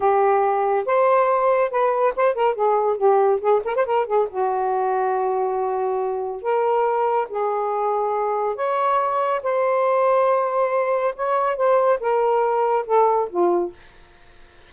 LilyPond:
\new Staff \with { instrumentName = "saxophone" } { \time 4/4 \tempo 4 = 140 g'2 c''2 | b'4 c''8 ais'8 gis'4 g'4 | gis'8 ais'16 c''16 ais'8 gis'8 fis'2~ | fis'2. ais'4~ |
ais'4 gis'2. | cis''2 c''2~ | c''2 cis''4 c''4 | ais'2 a'4 f'4 | }